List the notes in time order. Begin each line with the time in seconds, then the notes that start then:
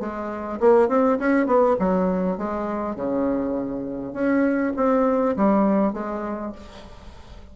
0.00 G#3
0.60 A#3
0.89 C4
1.19 C#4
1.46 B3
1.79 F#3
2.38 G#3
2.95 C#3
4.13 C#4
4.77 C4
5.37 G3
5.93 G#3